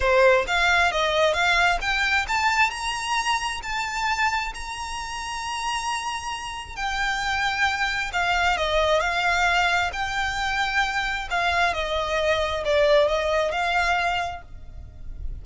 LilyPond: \new Staff \with { instrumentName = "violin" } { \time 4/4 \tempo 4 = 133 c''4 f''4 dis''4 f''4 | g''4 a''4 ais''2 | a''2 ais''2~ | ais''2. g''4~ |
g''2 f''4 dis''4 | f''2 g''2~ | g''4 f''4 dis''2 | d''4 dis''4 f''2 | }